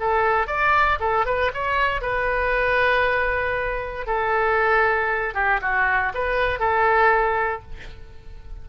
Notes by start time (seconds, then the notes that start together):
0.00 A4
0.47 D5
1.00 A4
1.26 B4
1.54 C#5
2.02 B4
4.07 A4
5.34 G4
5.62 F#4
6.15 B4
6.60 A4